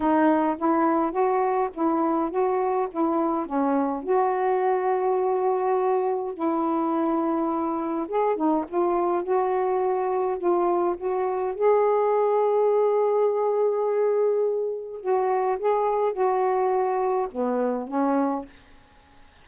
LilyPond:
\new Staff \with { instrumentName = "saxophone" } { \time 4/4 \tempo 4 = 104 dis'4 e'4 fis'4 e'4 | fis'4 e'4 cis'4 fis'4~ | fis'2. e'4~ | e'2 gis'8 dis'8 f'4 |
fis'2 f'4 fis'4 | gis'1~ | gis'2 fis'4 gis'4 | fis'2 b4 cis'4 | }